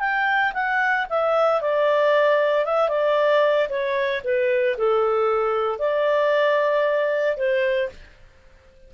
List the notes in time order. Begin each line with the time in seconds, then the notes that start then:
0.00 G5
0.54 F#5
1.10 E5
1.62 D5
2.66 E5
2.89 D5
3.69 C#5
4.24 B4
4.78 A4
5.79 D5
7.37 C5